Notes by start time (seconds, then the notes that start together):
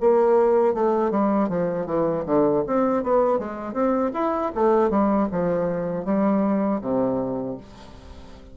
0.00 A#3
0.74 A3
1.10 G3
1.48 F3
1.85 E3
2.25 D3
2.67 C4
3.03 B3
3.38 G#3
3.73 C4
4.13 E4
4.54 A3
4.90 G3
5.31 F3
6.04 G3
6.81 C3